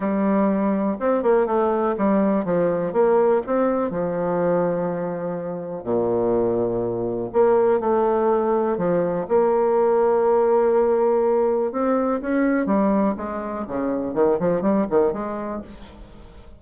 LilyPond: \new Staff \with { instrumentName = "bassoon" } { \time 4/4 \tempo 4 = 123 g2 c'8 ais8 a4 | g4 f4 ais4 c'4 | f1 | ais,2. ais4 |
a2 f4 ais4~ | ais1 | c'4 cis'4 g4 gis4 | cis4 dis8 f8 g8 dis8 gis4 | }